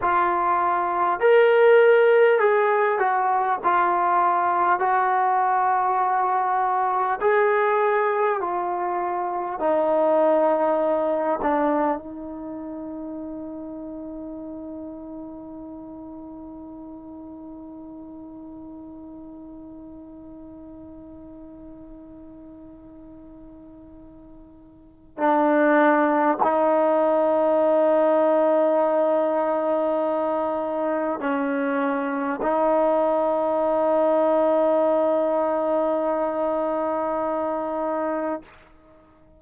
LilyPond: \new Staff \with { instrumentName = "trombone" } { \time 4/4 \tempo 4 = 50 f'4 ais'4 gis'8 fis'8 f'4 | fis'2 gis'4 f'4 | dis'4. d'8 dis'2~ | dis'1~ |
dis'1~ | dis'4 d'4 dis'2~ | dis'2 cis'4 dis'4~ | dis'1 | }